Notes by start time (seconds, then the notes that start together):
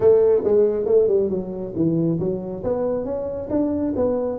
0.00 A3
0.44 G#3
0.85 A3
1.07 G3
1.29 F#3
1.75 E3
2.19 F#3
2.63 B3
3.05 C#4
3.50 D4
3.95 B3